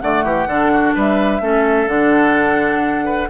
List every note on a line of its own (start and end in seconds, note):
0.00 0.24 D3
0.00 0.48 A3
0.00 0.24 D5
0.00 0.94 F#5
0.24 0.46 E3
0.24 0.47 G4
0.46 0.93 D3
0.46 1.41 D4
0.46 0.71 A4
0.73 0.94 F#4
0.94 1.40 G3
0.94 1.41 B4
0.94 1.88 E5
1.40 1.87 A3
1.40 1.87 C#4
1.40 3.05 A4
1.87 3.28 D3
1.87 3.28 D4
1.87 3.29 F#5
3.05 3.28 B4